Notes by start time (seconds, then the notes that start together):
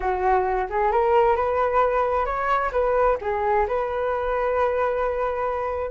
0.00 F#4
0.69 G#4
0.91 A#4
1.36 B4
2.25 C#5
2.72 B4
3.21 G#4
3.67 B4